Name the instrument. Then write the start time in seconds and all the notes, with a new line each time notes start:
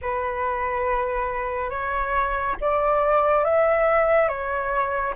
flute
0.01 B4
1.69 C#5
2.61 D5
3.44 E5
4.28 C#5